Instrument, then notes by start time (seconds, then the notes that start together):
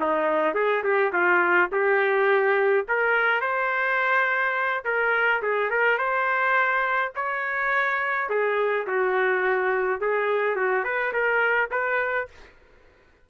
trumpet
0.00 D#4
0.54 G#4
0.83 G4
1.12 F4
1.71 G4
2.88 A#4
3.41 C5
4.85 A#4
5.42 G#4
5.70 A#4
5.98 C5
7.15 C#5
8.29 G#4
8.87 F#4
10.00 G#4
10.56 F#4
10.84 B4
11.13 A#4
11.71 B4